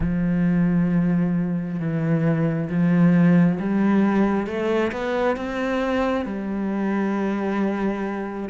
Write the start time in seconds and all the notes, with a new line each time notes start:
0.00 F3
1.79 E3
2.69 F3
3.59 G3
4.46 A3
4.92 B3
5.36 C4
6.25 G3